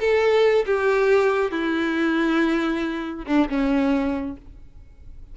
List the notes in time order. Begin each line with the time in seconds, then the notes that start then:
0.00 A4
0.66 G4
1.51 E4
3.26 D4
3.50 C#4